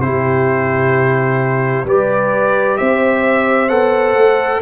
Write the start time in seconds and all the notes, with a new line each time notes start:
0.00 C3 E4 G4 C5
1.85 G3 G4 B4 D5
2.78 C4 C5 E5
3.69 B3 A4 F#5
4.16 A3